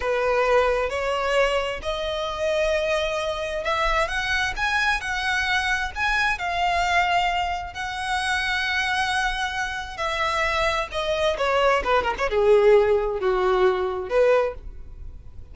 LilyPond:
\new Staff \with { instrumentName = "violin" } { \time 4/4 \tempo 4 = 132 b'2 cis''2 | dis''1 | e''4 fis''4 gis''4 fis''4~ | fis''4 gis''4 f''2~ |
f''4 fis''2.~ | fis''2 e''2 | dis''4 cis''4 b'8 ais'16 cis''16 gis'4~ | gis'4 fis'2 b'4 | }